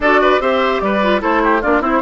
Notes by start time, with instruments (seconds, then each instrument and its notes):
0.00 bassoon D4, clarinet F#4, oboe A4, flute D5
0.21 oboe B4
0.40 bassoon C4, clarinet G4, oboe C5, flute E5
0.80 bassoon G3, oboe B4, flute D5
1.02 clarinet F4
1.20 bassoon A3, clarinet E4, oboe A4, flute C5
1.43 oboe G4
1.61 bassoon A#3, clarinet D4, oboe F4, flute D5
1.80 bassoon C4, oboe E4, clarinet E4, flute C5